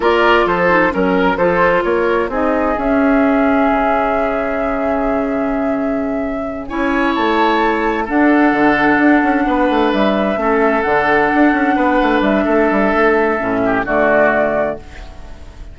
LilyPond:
<<
  \new Staff \with { instrumentName = "flute" } { \time 4/4 \tempo 4 = 130 d''4 c''4 ais'4 c''4 | cis''4 dis''4 e''2~ | e''1~ | e''2~ e''8 gis''4 a''8~ |
a''4. fis''2~ fis''8~ | fis''4. e''2 fis''8~ | fis''2~ fis''8 e''4.~ | e''2 d''2 | }
  \new Staff \with { instrumentName = "oboe" } { \time 4/4 ais'4 a'4 ais'4 a'4 | ais'4 gis'2.~ | gis'1~ | gis'2~ gis'8 cis''4.~ |
cis''4. a'2~ a'8~ | a'8 b'2 a'4.~ | a'4. b'4. a'4~ | a'4. g'8 fis'2 | }
  \new Staff \with { instrumentName = "clarinet" } { \time 4/4 f'4. dis'8 cis'4 f'4~ | f'4 dis'4 cis'2~ | cis'1~ | cis'2~ cis'8 e'4.~ |
e'4. d'2~ d'8~ | d'2~ d'8 cis'4 d'8~ | d'1~ | d'4 cis'4 a2 | }
  \new Staff \with { instrumentName = "bassoon" } { \time 4/4 ais4 f4 fis4 f4 | ais4 c'4 cis'2 | cis1~ | cis2~ cis8 cis'4 a8~ |
a4. d'4 d4 d'8 | cis'8 b8 a8 g4 a4 d8~ | d8 d'8 cis'8 b8 a8 g8 a8 g8 | a4 a,4 d2 | }
>>